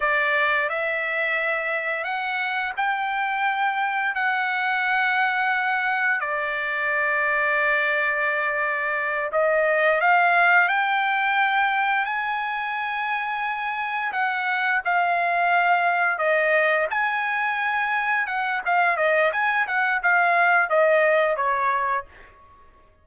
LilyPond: \new Staff \with { instrumentName = "trumpet" } { \time 4/4 \tempo 4 = 87 d''4 e''2 fis''4 | g''2 fis''2~ | fis''4 d''2.~ | d''4. dis''4 f''4 g''8~ |
g''4. gis''2~ gis''8~ | gis''8 fis''4 f''2 dis''8~ | dis''8 gis''2 fis''8 f''8 dis''8 | gis''8 fis''8 f''4 dis''4 cis''4 | }